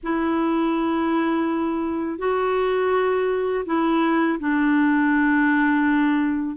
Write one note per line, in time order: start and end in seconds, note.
0.03 2.18 E4
2.18 3.65 F#4
3.65 4.38 E4
4.39 6.56 D4